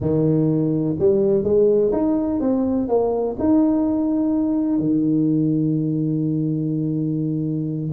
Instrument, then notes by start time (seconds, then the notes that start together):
tuba
0.00 D#3
0.99 G3
1.43 G#3
1.92 D#4
2.40 C4
2.88 A#3
3.39 D#4
4.78 D#3